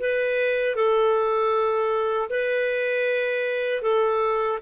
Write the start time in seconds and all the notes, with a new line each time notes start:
0.00 B4
0.76 A4
2.30 B4
3.83 A4